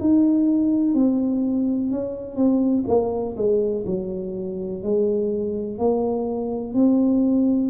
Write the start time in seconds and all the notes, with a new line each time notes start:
0.00 D#4
0.95 C4
1.91 C#4
2.36 C4
2.88 A#3
3.37 G#3
3.86 F#3
4.83 G#3
5.78 A#3
6.74 C4